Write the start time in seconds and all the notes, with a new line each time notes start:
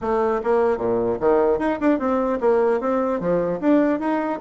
0.01 A3
0.43 A#3
0.77 A#2
1.19 D#3
1.59 D#4
1.80 D4
1.99 C4
2.40 A#3
2.80 C4
3.19 F3
3.60 D4
3.99 D#4